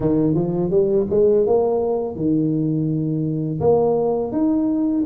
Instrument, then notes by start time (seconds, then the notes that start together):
tuba
0.00 D#3
0.34 F3
0.70 G3
1.10 G#3
1.46 A#3
2.15 D#3
3.60 A#3
4.32 D#4